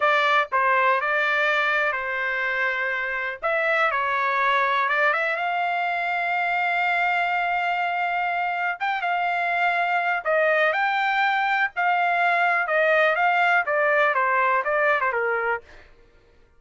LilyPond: \new Staff \with { instrumentName = "trumpet" } { \time 4/4 \tempo 4 = 123 d''4 c''4 d''2 | c''2. e''4 | cis''2 d''8 e''8 f''4~ | f''1~ |
f''2 g''8 f''4.~ | f''4 dis''4 g''2 | f''2 dis''4 f''4 | d''4 c''4 d''8. c''16 ais'4 | }